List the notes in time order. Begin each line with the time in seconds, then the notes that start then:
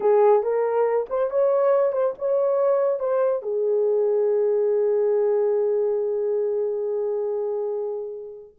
0.00 G#4
0.42 A#4
1.09 C5
1.30 C#5
1.92 C5
2.18 C#5
2.99 C5
3.42 G#4